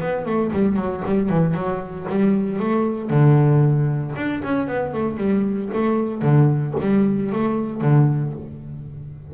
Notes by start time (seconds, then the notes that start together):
0.00 B3
0.26 A3
0.53 G3
0.77 F#3
1.05 G3
1.29 E3
1.54 F#3
2.09 G3
2.59 A3
3.10 D3
4.16 D4
4.44 C#4
4.67 B3
4.94 A3
5.17 G3
5.74 A3
6.22 D3
6.80 G3
7.32 A3
7.81 D3